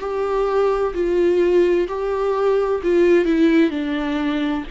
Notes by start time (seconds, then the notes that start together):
0.00 G4
0.94 F4
1.88 G4
2.83 F4
3.25 E4
3.70 D4